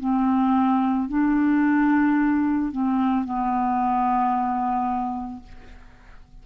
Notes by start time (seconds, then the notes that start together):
0.00 C4
1.09 D4
2.72 C4
3.25 B3